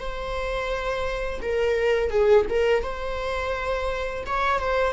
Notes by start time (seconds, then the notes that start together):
0.00 C5
1.42 A#4
2.11 G#4
2.50 A#4
2.84 C5
4.27 C#5
4.60 C5